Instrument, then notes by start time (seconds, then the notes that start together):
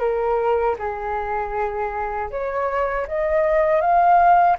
flute
0.00 A#4
0.78 G#4
2.31 C#5
3.07 D#5
3.81 F5